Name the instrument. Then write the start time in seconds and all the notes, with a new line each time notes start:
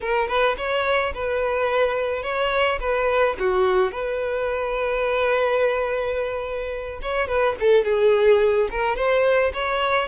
violin
0.01 A#4
0.28 B4
0.57 C#5
1.14 B4
2.23 C#5
2.79 B4
3.39 F#4
3.91 B4
7.01 C#5
7.27 B4
7.60 A4
7.84 G#4
8.70 A#4
8.95 C5
9.53 C#5